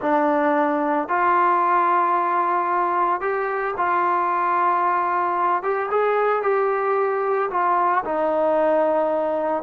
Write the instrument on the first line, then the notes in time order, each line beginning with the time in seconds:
trombone
0.01 D4
1.08 F4
3.20 G4
3.77 F4
5.62 G4
5.91 G#4
6.42 G4
7.50 F4
8.05 D#4